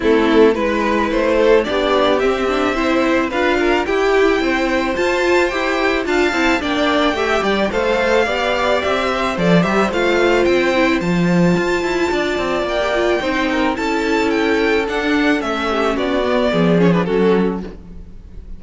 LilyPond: <<
  \new Staff \with { instrumentName = "violin" } { \time 4/4 \tempo 4 = 109 a'4 b'4 c''4 d''4 | e''2 f''4 g''4~ | g''4 a''4 g''4 a''4 | g''2 f''2 |
e''4 d''8 e''8 f''4 g''4 | a''2. g''4~ | g''4 a''4 g''4 fis''4 | e''4 d''4. cis''16 b'16 a'4 | }
  \new Staff \with { instrumentName = "violin" } { \time 4/4 e'4 b'4. a'8 g'4~ | g'4 c''4 b'8 ais'8 g'4 | c''2. f''4 | d''4 e''8 d''8 c''4 d''4~ |
d''8 c''2.~ c''8~ | c''2 d''2 | c''8 ais'8 a'2.~ | a'8 g'8 fis'4 gis'4 fis'4 | }
  \new Staff \with { instrumentName = "viola" } { \time 4/4 c'4 e'2 d'4 | c'8 d'8 e'4 f'4 e'4~ | e'4 f'4 g'4 f'8 e'8 | d'4 g'4 a'4 g'4~ |
g'4 a'8 g'8 f'4. e'8 | f'2.~ f'16 g'16 f'8 | dis'4 e'2 d'4 | cis'4. b4 cis'16 d'16 cis'4 | }
  \new Staff \with { instrumentName = "cello" } { \time 4/4 a4 gis4 a4 b4 | c'2 d'4 e'4 | c'4 f'4 e'4 d'8 c'8 | ais4 a8 g8 a4 b4 |
c'4 f8 g8 a4 c'4 | f4 f'8 e'8 d'8 c'8 ais4 | c'4 cis'2 d'4 | a4 b4 f4 fis4 | }
>>